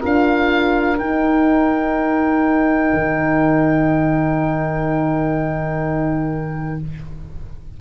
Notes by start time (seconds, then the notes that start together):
0.00 D4 F4 A#4 F5
0.98 D#4 G5
2.94 D#3